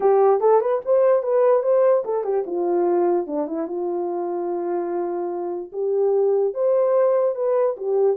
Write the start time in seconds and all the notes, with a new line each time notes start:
0.00 G4
0.40 A4
0.60 B4
0.85 C5
1.22 B4
1.62 C5
2.04 A4
2.24 G4
2.46 F4
3.26 D4
3.47 E4
3.67 F4
5.72 G4
6.53 C5
7.35 B4
7.76 G4